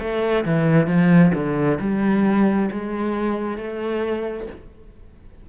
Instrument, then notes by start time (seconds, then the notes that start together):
cello
0.00 A3
0.45 E3
0.87 F3
1.34 D3
1.80 G3
2.72 G#3
3.58 A3